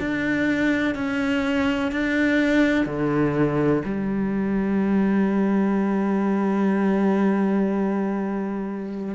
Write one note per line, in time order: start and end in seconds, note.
0.00 0.95 D4
0.95 1.92 C#4
1.92 2.86 D4
2.86 3.83 D3
3.85 9.15 G3